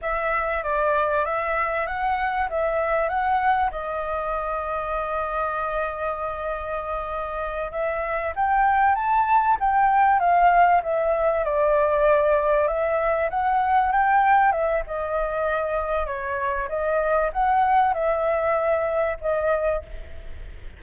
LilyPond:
\new Staff \with { instrumentName = "flute" } { \time 4/4 \tempo 4 = 97 e''4 d''4 e''4 fis''4 | e''4 fis''4 dis''2~ | dis''1~ | dis''8 e''4 g''4 a''4 g''8~ |
g''8 f''4 e''4 d''4.~ | d''8 e''4 fis''4 g''4 e''8 | dis''2 cis''4 dis''4 | fis''4 e''2 dis''4 | }